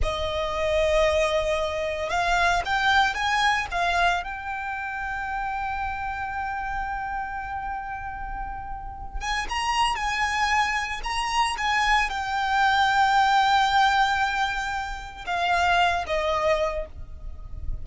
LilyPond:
\new Staff \with { instrumentName = "violin" } { \time 4/4 \tempo 4 = 114 dis''1 | f''4 g''4 gis''4 f''4 | g''1~ | g''1~ |
g''4. gis''8 ais''4 gis''4~ | gis''4 ais''4 gis''4 g''4~ | g''1~ | g''4 f''4. dis''4. | }